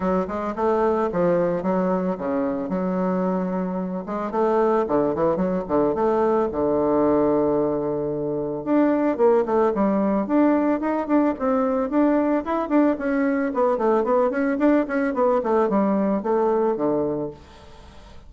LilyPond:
\new Staff \with { instrumentName = "bassoon" } { \time 4/4 \tempo 4 = 111 fis8 gis8 a4 f4 fis4 | cis4 fis2~ fis8 gis8 | a4 d8 e8 fis8 d8 a4 | d1 |
d'4 ais8 a8 g4 d'4 | dis'8 d'8 c'4 d'4 e'8 d'8 | cis'4 b8 a8 b8 cis'8 d'8 cis'8 | b8 a8 g4 a4 d4 | }